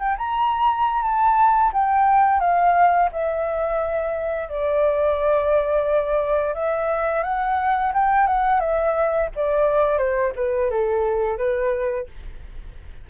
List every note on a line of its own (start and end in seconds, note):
0.00 0.17 G5
0.18 1.03 A#5
1.03 1.72 A5
1.73 2.40 G5
2.40 3.09 F5
3.13 4.49 E5
4.49 6.55 D5
6.55 7.24 E5
7.24 7.93 F#5
7.94 8.27 G5
8.27 8.61 F#5
8.61 9.29 E5
9.36 9.99 D5
9.99 10.33 C5
10.36 10.71 B4
10.71 11.38 A4
11.38 12.07 B4